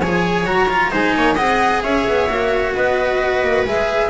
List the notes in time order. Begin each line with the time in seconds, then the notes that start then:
0.00 F3 G#4 C#5 G#5
0.45 F#3 F#4 A#5
0.69 F4
0.91 G#3 D#4 C5 G#5
1.15 A#3 C#5
1.35 C4 G#4 D#5 F#5
1.82 C#4 C#5 E5
2.07 B3
2.29 A#3 F#4
2.74 B3 B4 D#5
3.42 A#3
3.65 G#3 G#4 E5